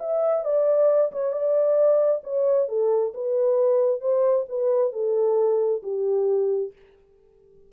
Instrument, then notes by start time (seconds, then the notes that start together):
horn
0.00 E5
0.45 D5
1.12 C#5
1.32 D5
2.24 C#5
2.68 A4
3.14 B4
4.01 C5
4.49 B4
4.93 A4
5.83 G4